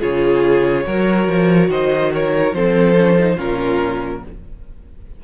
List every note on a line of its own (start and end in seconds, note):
0.00 0.86 C#3
0.00 0.85 F4
0.00 0.85 G#4
0.00 1.70 C#5
0.85 1.27 F#3
0.85 2.54 F#4
0.85 1.70 A#4
1.27 1.68 F3
1.68 2.52 D#3
1.68 2.12 C5
1.68 2.12 D#5
2.13 2.55 A#4
2.13 2.54 C#5
2.52 3.36 F3
2.52 2.96 C4
2.52 3.35 A4
2.52 3.39 C5
2.96 3.17 C#4
3.18 3.37 D#4
3.35 4.23 A#2
3.35 4.21 C#4
3.35 4.20 F4
3.35 4.24 A#4